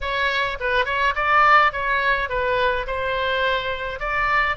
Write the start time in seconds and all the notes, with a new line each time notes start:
0.01 C#5
0.59 B4
0.85 C#5
1.15 D5
1.72 C#5
2.29 B4
2.86 C5
3.99 D5